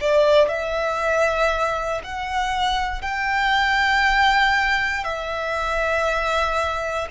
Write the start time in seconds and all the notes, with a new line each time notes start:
0.00 D5
0.49 E5
2.03 F#5
3.01 G5
5.04 E5